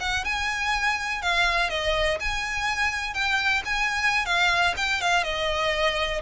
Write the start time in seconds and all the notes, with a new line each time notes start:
0.00 F#5
0.24 G#5
1.22 F5
1.70 D#5
2.20 G#5
3.14 G5
3.65 G#5
4.25 F5
4.76 G5
5.01 F5
5.24 D#5